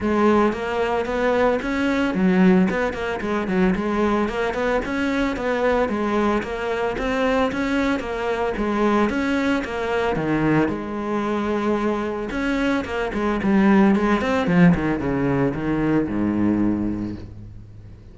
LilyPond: \new Staff \with { instrumentName = "cello" } { \time 4/4 \tempo 4 = 112 gis4 ais4 b4 cis'4 | fis4 b8 ais8 gis8 fis8 gis4 | ais8 b8 cis'4 b4 gis4 | ais4 c'4 cis'4 ais4 |
gis4 cis'4 ais4 dis4 | gis2. cis'4 | ais8 gis8 g4 gis8 c'8 f8 dis8 | cis4 dis4 gis,2 | }